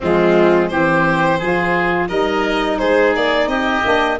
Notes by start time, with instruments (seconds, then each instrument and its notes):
0.00 tuba F3, saxophone G#3, oboe C4, violin F4
0.68 tuba E3, saxophone C4, oboe G4, violin C5
1.39 tuba F3, saxophone F4, oboe G#4
2.08 tuba G3, saxophone D#4, oboe A#4, violin D#5
2.78 tuba G#3, oboe G#4, violin C5
3.15 tuba A#3, violin D5
3.46 tuba C4, oboe G4, violin D#5
3.83 tuba A#3, saxophone D4